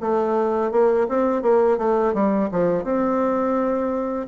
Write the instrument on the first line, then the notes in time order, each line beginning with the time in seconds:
bassoon
0.00 A3
0.71 A#3
1.08 C4
1.42 A#3
1.78 A3
2.13 G3
2.51 F3
2.83 C4